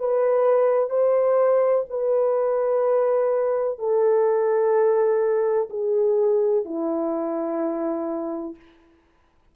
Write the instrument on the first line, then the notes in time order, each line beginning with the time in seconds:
horn
0.00 B4
0.90 C5
1.90 B4
3.79 A4
5.70 G#4
6.65 E4